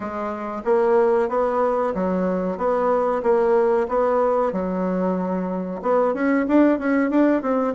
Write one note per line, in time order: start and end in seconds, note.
0.00 0.62 G#3
0.65 1.28 A#3
1.28 1.93 B3
1.94 2.57 F#3
2.57 3.22 B3
3.22 3.87 A#3
3.88 4.52 B3
4.52 5.81 F#3
5.82 6.13 B3
6.13 6.46 C#4
6.48 6.79 D4
6.79 7.10 C#4
7.10 7.42 D4
7.42 7.74 C4